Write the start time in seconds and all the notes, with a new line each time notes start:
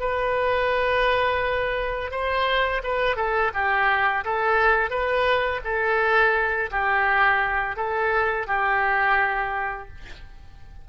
0.00 B4
2.11 C5
2.83 B4
3.16 A4
3.54 G4
4.25 A4
4.90 B4
5.64 A4
6.71 G4
7.76 A4
8.47 G4